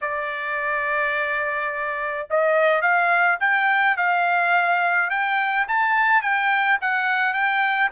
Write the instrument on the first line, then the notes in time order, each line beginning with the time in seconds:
trumpet
0.01 D5
2.30 D#5
2.81 F5
3.40 G5
3.96 F5
5.10 G5
5.68 A5
6.21 G5
6.81 F#5
7.33 G5